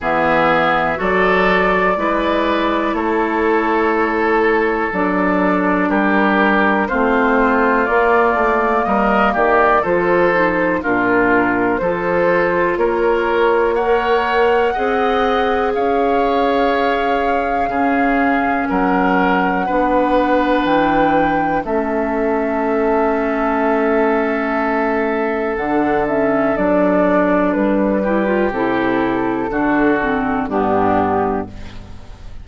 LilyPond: <<
  \new Staff \with { instrumentName = "flute" } { \time 4/4 \tempo 4 = 61 e''4 d''2 cis''4~ | cis''4 d''4 ais'4 c''4 | d''4 dis''8 d''8 c''4 ais'4 | c''4 cis''4 fis''2 |
f''2. fis''4~ | fis''4 g''4 e''2~ | e''2 fis''8 e''8 d''4 | b'4 a'2 g'4 | }
  \new Staff \with { instrumentName = "oboe" } { \time 4/4 gis'4 a'4 b'4 a'4~ | a'2 g'4 f'4~ | f'4 ais'8 g'8 a'4 f'4 | a'4 ais'4 cis''4 dis''4 |
cis''2 gis'4 ais'4 | b'2 a'2~ | a'1~ | a'8 g'4. fis'4 d'4 | }
  \new Staff \with { instrumentName = "clarinet" } { \time 4/4 b4 fis'4 e'2~ | e'4 d'2 c'4 | ais2 f'8 dis'8 d'4 | f'2 ais'4 gis'4~ |
gis'2 cis'2 | d'2 cis'2~ | cis'2 d'8 cis'8 d'4~ | d'8 e'16 f'16 e'4 d'8 c'8 b4 | }
  \new Staff \with { instrumentName = "bassoon" } { \time 4/4 e4 fis4 gis4 a4~ | a4 fis4 g4 a4 | ais8 a8 g8 dis8 f4 ais,4 | f4 ais2 c'4 |
cis'2 cis4 fis4 | b4 e4 a2~ | a2 d4 fis4 | g4 c4 d4 g,4 | }
>>